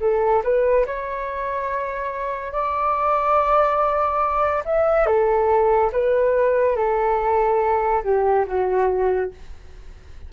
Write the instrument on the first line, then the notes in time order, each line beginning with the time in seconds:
flute
0.00 A4
0.43 B4
0.86 C#5
2.52 D5
4.65 E5
5.06 A4
5.92 B4
6.76 A4
8.03 G4
8.46 F#4